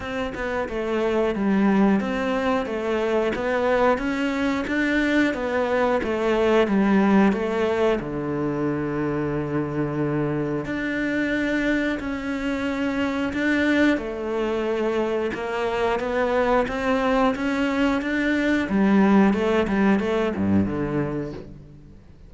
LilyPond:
\new Staff \with { instrumentName = "cello" } { \time 4/4 \tempo 4 = 90 c'8 b8 a4 g4 c'4 | a4 b4 cis'4 d'4 | b4 a4 g4 a4 | d1 |
d'2 cis'2 | d'4 a2 ais4 | b4 c'4 cis'4 d'4 | g4 a8 g8 a8 g,8 d4 | }